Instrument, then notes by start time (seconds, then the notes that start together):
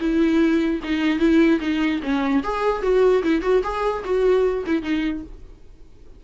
viola
0.00 E4
0.83 D#4
1.19 E4
1.60 D#4
2.03 C#4
2.43 G#4
2.82 F#4
3.23 E4
3.42 F#4
3.63 G#4
4.04 F#4
4.66 E4
4.83 D#4